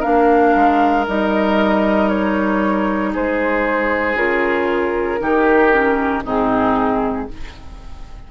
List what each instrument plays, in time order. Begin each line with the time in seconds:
0.00 bassoon A#3, clarinet D4, oboe A#4, flute F5
0.55 bassoon G#3
1.07 bassoon G3, clarinet D#4, flute D#5
2.09 flute C#5
3.13 bassoon G#3, oboe G#4, flute C5
4.15 bassoon C#3, clarinet F4, flute A#4
5.19 bassoon D#3, clarinet D#4, oboe G4
5.72 clarinet C#4
6.24 bassoon G#2, clarinet C4, oboe D#4, flute G#4